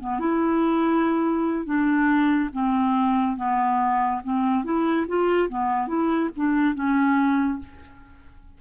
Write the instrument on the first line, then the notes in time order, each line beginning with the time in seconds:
clarinet
0.00 B3
0.19 E4
1.65 D4
2.52 C4
3.36 B3
4.24 C4
4.64 E4
5.07 F4
5.49 B3
5.87 E4
6.36 D4
6.75 C#4